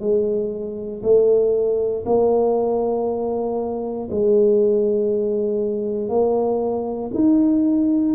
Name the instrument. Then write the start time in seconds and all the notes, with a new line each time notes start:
tuba
0.00 G#3
1.03 A3
2.06 A#3
4.11 G#3
6.09 A#3
7.15 D#4